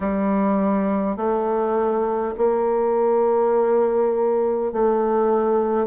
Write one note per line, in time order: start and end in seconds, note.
0.00 1.16 G3
1.16 2.34 A3
2.37 4.72 A#3
4.72 5.86 A3